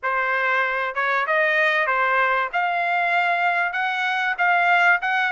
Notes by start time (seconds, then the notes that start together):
0.02 C5
0.94 C#5
1.27 D#5
1.87 C5
2.52 F5
3.72 F#5
4.38 F5
5.01 F#5